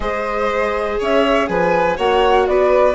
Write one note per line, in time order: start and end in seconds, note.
0.00 0.97 G#3
0.00 1.97 G#4
0.00 0.99 C5
0.00 0.99 D#5
0.99 1.49 C#4
0.99 1.48 C#5
0.99 1.46 E5
1.46 1.98 F3
1.46 1.96 B4
1.46 1.96 G#5
1.96 2.47 A#3
1.96 2.95 F#4
1.96 2.46 C#5
1.96 2.47 F#5
2.47 2.95 B3
2.47 2.95 B4
2.47 2.95 D5